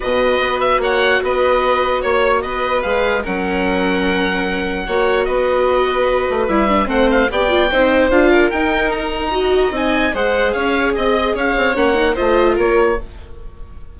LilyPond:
<<
  \new Staff \with { instrumentName = "oboe" } { \time 4/4 \tempo 4 = 148 dis''4. e''8 fis''4 dis''4~ | dis''4 cis''4 dis''4 f''4 | fis''1~ | fis''4 dis''2. |
e''4 fis''8 f''8 g''2 | f''4 g''4 ais''2 | gis''4 fis''4 f''4 dis''4 | f''4 fis''4 dis''4 cis''4 | }
  \new Staff \with { instrumentName = "violin" } { \time 4/4 b'2 cis''4 b'4~ | b'4 cis''4 b'2 | ais'1 | cis''4 b'2.~ |
b'4 c''4 d''4 c''4~ | c''8 ais'2~ ais'8 dis''4~ | dis''4 c''4 cis''4 dis''4 | cis''2 c''4 ais'4 | }
  \new Staff \with { instrumentName = "viola" } { \time 4/4 fis'1~ | fis'2. gis'4 | cis'1 | fis'1 |
e'8 d'8 c'4 g'8 f'8 dis'4 | f'4 dis'2 fis'4 | dis'4 gis'2.~ | gis'4 cis'8 dis'8 f'2 | }
  \new Staff \with { instrumentName = "bassoon" } { \time 4/4 b,4 b4 ais4 b4~ | b4 ais4 b4 gis4 | fis1 | ais4 b2~ b8 a8 |
g4 a4 b4 c'4 | d'4 dis'2. | c'4 gis4 cis'4 c'4 | cis'8 c'8 ais4 a4 ais4 | }
>>